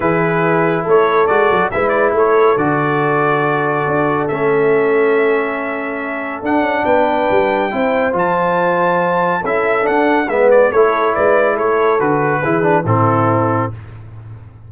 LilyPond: <<
  \new Staff \with { instrumentName = "trumpet" } { \time 4/4 \tempo 4 = 140 b'2 cis''4 d''4 | e''8 d''8 cis''4 d''2~ | d''2 e''2~ | e''2. fis''4 |
g''2. a''4~ | a''2 e''4 fis''4 | e''8 d''8 cis''4 d''4 cis''4 | b'2 a'2 | }
  \new Staff \with { instrumentName = "horn" } { \time 4/4 gis'2 a'2 | b'4 a'2.~ | a'1~ | a'1 |
b'2 c''2~ | c''2 a'2 | b'4 a'4 b'4 a'4~ | a'4 gis'4 e'2 | }
  \new Staff \with { instrumentName = "trombone" } { \time 4/4 e'2. fis'4 | e'2 fis'2~ | fis'2 cis'2~ | cis'2. d'4~ |
d'2 e'4 f'4~ | f'2 e'4 d'4 | b4 e'2. | fis'4 e'8 d'8 c'2 | }
  \new Staff \with { instrumentName = "tuba" } { \time 4/4 e2 a4 gis8 fis8 | gis4 a4 d2~ | d4 d'4 a2~ | a2. d'8 cis'8 |
b4 g4 c'4 f4~ | f2 cis'4 d'4 | gis4 a4 gis4 a4 | d4 e4 a,2 | }
>>